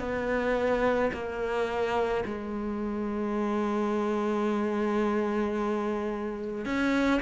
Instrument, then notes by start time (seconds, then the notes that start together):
cello
0.00 B3
1.14 A#3
2.26 G#3
6.66 C#4